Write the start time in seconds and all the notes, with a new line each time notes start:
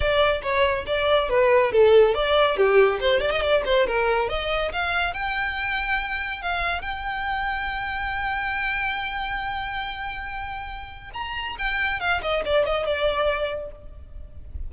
0.00 D5
0.42 C#5
0.86 D5
1.29 B4
1.71 A4
2.14 D5
2.57 G4
3.00 C5
3.20 D5
3.30 D#5
3.41 D5
3.65 C5
3.86 A#4
4.29 D#5
4.72 F5
5.13 G5
6.42 F5
6.81 G5
11.13 A#5
11.58 G5
12.00 F5
12.21 D#5
12.45 D5
12.65 D#5
12.86 D5